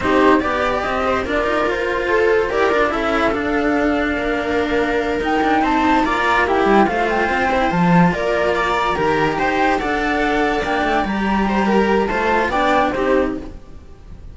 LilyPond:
<<
  \new Staff \with { instrumentName = "flute" } { \time 4/4 \tempo 4 = 144 c''4 d''4 dis''4 d''4 | c''2 d''4 e''4 | f''1~ | f''8 g''4 a''4 ais''4 g''8~ |
g''8 f''8 g''4. a''4 d''8~ | d''8 ais''2 g''4 fis''8~ | fis''4. g''4 ais''4.~ | ais''4 a''4 g''4 c''4 | }
  \new Staff \with { instrumentName = "viola" } { \time 4/4 g'4 d''4. c''8 ais'4~ | ais'4 a'4 ais'4 a'4~ | a'2 ais'2~ | ais'4. c''4 d''4 g'8~ |
g'8 c''2. ais'8~ | ais'8 d''4 ais'4 c''4 d''8~ | d''2.~ d''8 c''8 | ais'4 c''4 d''4 g'4 | }
  \new Staff \with { instrumentName = "cello" } { \time 4/4 dis'4 g'2 f'4~ | f'2 g'8 f'8 e'4 | d'1~ | d'8 dis'2 f'4 e'8~ |
e'8 f'4. e'8 f'4.~ | f'4. g'2 a'8~ | a'4. d'4 g'4.~ | g'4 f'4 d'4 dis'4 | }
  \new Staff \with { instrumentName = "cello" } { \time 4/4 c'4 b4 c'4 d'8 dis'8 | f'2 e'8 d'8 cis'4 | d'2 ais2~ | ais8 dis'8 d'8 c'4 ais4. |
g8 a4 c'4 f4 ais8~ | ais4. dis4 dis'4 d'8~ | d'4. ais8 a8 g4.~ | g4 a4 b4 c'4 | }
>>